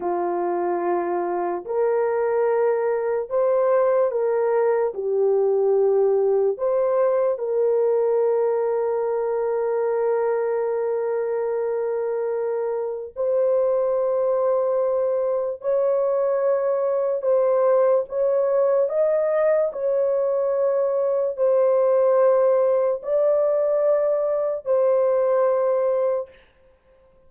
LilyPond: \new Staff \with { instrumentName = "horn" } { \time 4/4 \tempo 4 = 73 f'2 ais'2 | c''4 ais'4 g'2 | c''4 ais'2.~ | ais'1 |
c''2. cis''4~ | cis''4 c''4 cis''4 dis''4 | cis''2 c''2 | d''2 c''2 | }